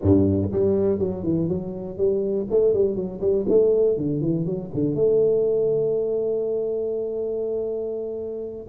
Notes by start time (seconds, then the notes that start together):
0.02 G2
0.51 G3
0.98 F#3
1.23 E3
1.48 F#3
1.97 G3
2.50 A3
2.73 G3
2.95 F#3
3.21 G3
3.48 A3
3.97 D3
4.20 E3
4.45 F#3
4.74 D3
4.94 A3